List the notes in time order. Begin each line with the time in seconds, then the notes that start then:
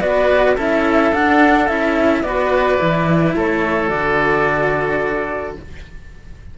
0.00 B3 F#4 B4 D5
0.55 C#4 E4 A4 E5
1.12 D4 F#5
1.67 C#4 E4 E5
2.22 B3 F#4 B4 D5
2.78 E3 E4
3.35 A3 A4 C#5
3.87 D3 F#4 D5